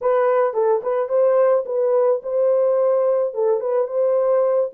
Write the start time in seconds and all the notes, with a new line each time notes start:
0.01 B4
0.53 A4
0.83 B4
1.09 C5
1.65 B4
2.22 C5
3.34 A4
3.60 B4
3.87 C5